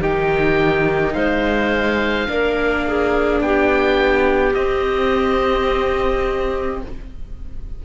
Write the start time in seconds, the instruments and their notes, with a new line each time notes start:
0.00 cello D#3, viola D#4, clarinet G4, oboe G5
1.13 cello G#3, clarinet C5, oboe F5
2.28 cello A#3, viola D4, clarinet A#4
2.87 clarinet G#4
3.40 cello B3, clarinet G4, oboe G5
4.54 cello C4, viola C4, oboe D#5